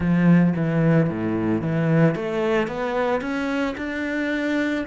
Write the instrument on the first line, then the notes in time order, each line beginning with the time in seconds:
cello
0.00 F3
0.56 E3
1.09 A2
1.61 E3
2.15 A3
2.67 B3
3.21 C#4
3.77 D4